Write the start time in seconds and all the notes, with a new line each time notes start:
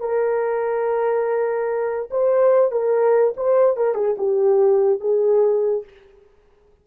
0.00 A#4
2.11 C5
2.72 A#4
3.37 C5
3.77 A#4
3.95 G#4
4.18 G4
5.00 G#4